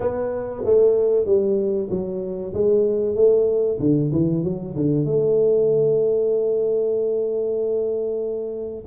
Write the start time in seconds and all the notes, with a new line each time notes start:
0.00 B3
0.64 A3
1.25 G3
1.89 F#3
2.53 G#3
3.15 A3
3.79 D3
4.11 E3
4.43 F#3
4.75 D3
5.05 A3